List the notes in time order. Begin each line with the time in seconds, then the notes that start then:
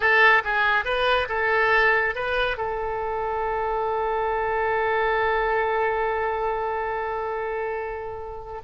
0.00 A4
0.44 G#4
0.85 B4
1.28 A4
2.15 B4
2.57 A4